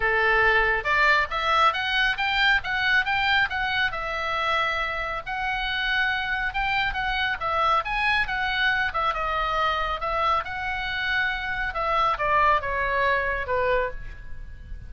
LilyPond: \new Staff \with { instrumentName = "oboe" } { \time 4/4 \tempo 4 = 138 a'2 d''4 e''4 | fis''4 g''4 fis''4 g''4 | fis''4 e''2. | fis''2. g''4 |
fis''4 e''4 gis''4 fis''4~ | fis''8 e''8 dis''2 e''4 | fis''2. e''4 | d''4 cis''2 b'4 | }